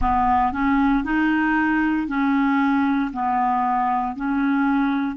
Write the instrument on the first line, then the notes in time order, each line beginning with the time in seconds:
clarinet
0.01 B3
0.52 C#4
1.03 D#4
2.07 C#4
3.13 B3
4.16 C#4